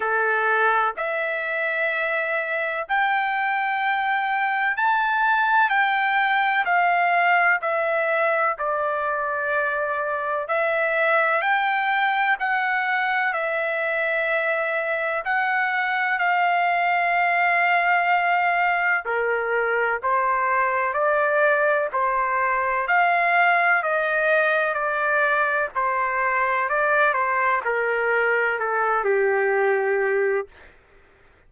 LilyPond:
\new Staff \with { instrumentName = "trumpet" } { \time 4/4 \tempo 4 = 63 a'4 e''2 g''4~ | g''4 a''4 g''4 f''4 | e''4 d''2 e''4 | g''4 fis''4 e''2 |
fis''4 f''2. | ais'4 c''4 d''4 c''4 | f''4 dis''4 d''4 c''4 | d''8 c''8 ais'4 a'8 g'4. | }